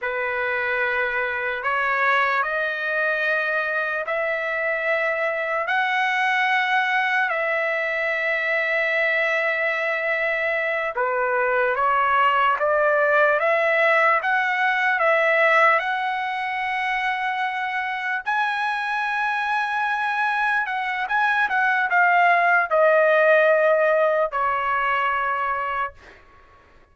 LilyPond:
\new Staff \with { instrumentName = "trumpet" } { \time 4/4 \tempo 4 = 74 b'2 cis''4 dis''4~ | dis''4 e''2 fis''4~ | fis''4 e''2.~ | e''4. b'4 cis''4 d''8~ |
d''8 e''4 fis''4 e''4 fis''8~ | fis''2~ fis''8 gis''4.~ | gis''4. fis''8 gis''8 fis''8 f''4 | dis''2 cis''2 | }